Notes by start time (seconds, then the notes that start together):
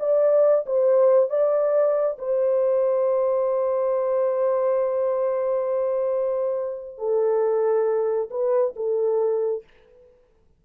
0.00 D5
0.66 C5
1.30 D5
2.19 C5
6.98 A4
8.31 B4
8.76 A4